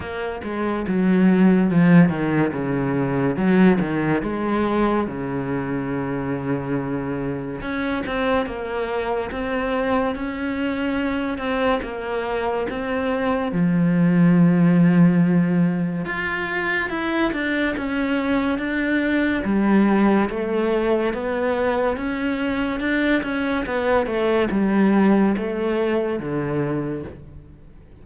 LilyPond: \new Staff \with { instrumentName = "cello" } { \time 4/4 \tempo 4 = 71 ais8 gis8 fis4 f8 dis8 cis4 | fis8 dis8 gis4 cis2~ | cis4 cis'8 c'8 ais4 c'4 | cis'4. c'8 ais4 c'4 |
f2. f'4 | e'8 d'8 cis'4 d'4 g4 | a4 b4 cis'4 d'8 cis'8 | b8 a8 g4 a4 d4 | }